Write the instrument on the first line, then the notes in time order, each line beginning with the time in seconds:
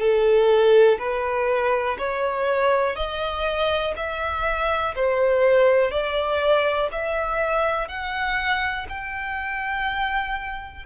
violin
0.00 A4
0.99 B4
1.99 C#5
2.96 D#5
3.96 E5
4.95 C5
5.91 D5
6.92 E5
7.88 F#5
8.89 G5